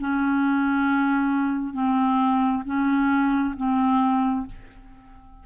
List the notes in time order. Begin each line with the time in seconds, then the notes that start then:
0.00 C#4
1.74 C4
2.65 C#4
3.57 C4